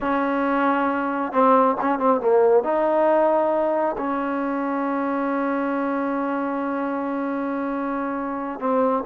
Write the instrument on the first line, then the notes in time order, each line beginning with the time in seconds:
trombone
0.01 C#4
1.32 C4
1.80 C#4
1.99 C4
2.20 A#3
2.63 D#4
3.97 C#4
8.59 C4